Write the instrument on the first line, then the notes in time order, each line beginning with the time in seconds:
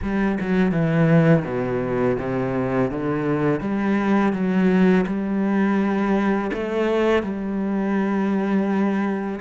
cello
0.02 G3
0.40 F#3
0.71 E3
1.45 B2
2.19 C3
2.90 D3
3.60 G3
4.32 F#3
5.06 G3
6.53 A3
7.23 G3